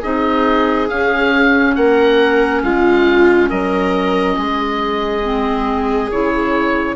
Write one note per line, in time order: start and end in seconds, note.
0.00 0.90 C4
0.00 0.89 D#4
0.00 1.74 G#4
0.00 0.89 D#5
0.89 5.24 C#4
0.89 1.77 C#4
0.89 1.76 F5
1.76 2.63 A#3
1.76 2.64 A#4
1.76 2.63 F#5
2.63 3.50 G#3
2.63 3.50 F4
2.63 3.50 F5
3.50 4.37 F#3
3.50 4.37 A#4
3.50 6.11 D#5
4.37 6.11 G#3
4.37 6.97 G#4
5.24 6.11 C4
6.11 6.97 C#3
6.11 6.97 E4
6.11 6.97 C#5